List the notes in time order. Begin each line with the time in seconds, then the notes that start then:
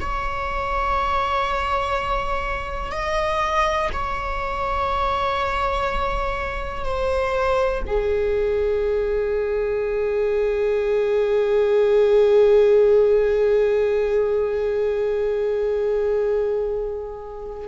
0.00 C#5
2.92 D#5
3.93 C#5
6.85 C5
7.86 G#4